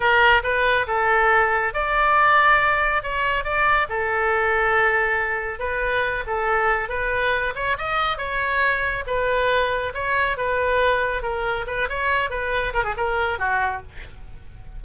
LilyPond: \new Staff \with { instrumentName = "oboe" } { \time 4/4 \tempo 4 = 139 ais'4 b'4 a'2 | d''2. cis''4 | d''4 a'2.~ | a'4 b'4. a'4. |
b'4. cis''8 dis''4 cis''4~ | cis''4 b'2 cis''4 | b'2 ais'4 b'8 cis''8~ | cis''8 b'4 ais'16 gis'16 ais'4 fis'4 | }